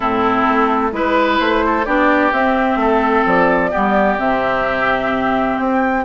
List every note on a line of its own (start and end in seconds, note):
0.00 0.47 A2
0.00 0.92 C4
0.00 0.91 E4
0.00 0.92 A4
0.47 0.92 A3
0.92 1.38 G#3
0.92 1.85 E4
0.92 1.39 B4
0.92 1.65 B4
1.39 1.86 A3
1.39 1.85 C5
1.65 1.85 A4
1.85 2.32 B3
1.85 2.32 D4
1.85 2.78 G4
1.85 2.31 D5
2.32 2.75 C4
2.32 3.71 C4
2.32 3.25 E5
2.75 3.22 A3
2.75 3.70 A4
3.25 3.72 F3
3.25 4.19 D5
3.70 4.18 G3
3.70 4.17 B3
3.70 6.03 G4
4.18 5.57 C3
4.18 6.04 C4
4.18 5.57 E5
5.57 6.05 C4
5.57 6.04 G5